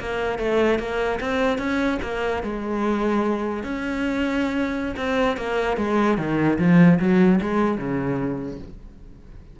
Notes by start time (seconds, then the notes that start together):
0.00 A#3
0.39 A3
0.79 A#3
1.20 C4
1.58 C#4
2.02 A#3
2.43 G#3
3.63 C#4
4.96 C4
5.37 A#3
5.77 G#3
6.18 D#3
6.59 F3
7.00 F#3
7.41 G#3
7.78 C#3